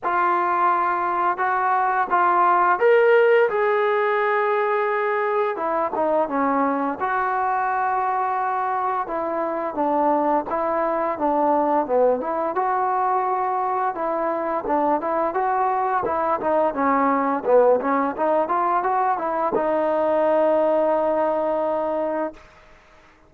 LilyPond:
\new Staff \with { instrumentName = "trombone" } { \time 4/4 \tempo 4 = 86 f'2 fis'4 f'4 | ais'4 gis'2. | e'8 dis'8 cis'4 fis'2~ | fis'4 e'4 d'4 e'4 |
d'4 b8 e'8 fis'2 | e'4 d'8 e'8 fis'4 e'8 dis'8 | cis'4 b8 cis'8 dis'8 f'8 fis'8 e'8 | dis'1 | }